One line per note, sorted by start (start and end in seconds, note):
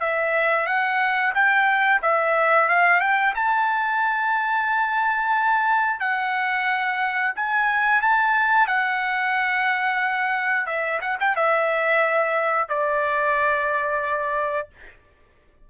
0.00 0.66 E5
0.66 1.33 F#5
1.34 2.01 G5
2.02 2.69 E5
2.69 3.00 F5
3.00 3.34 G5
3.35 6.00 A5
6.00 7.33 F#5
7.36 8.02 G#5
8.02 8.67 A5
8.67 10.66 F#5
10.66 10.99 E5
11.01 11.18 F#5
11.20 11.36 G5
11.36 12.69 E5
12.69 14.69 D5